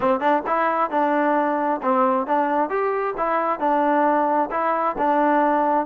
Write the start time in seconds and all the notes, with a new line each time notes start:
0.00 C4
0.19 D4
0.46 E4
0.90 D4
1.82 C4
2.26 D4
2.69 G4
3.17 E4
3.59 D4
4.51 E4
4.97 D4